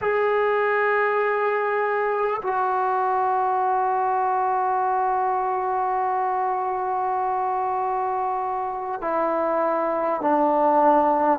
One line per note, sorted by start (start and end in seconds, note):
0.01 2.41 G#4
2.42 9.01 F#4
9.01 10.21 E4
10.21 11.39 D4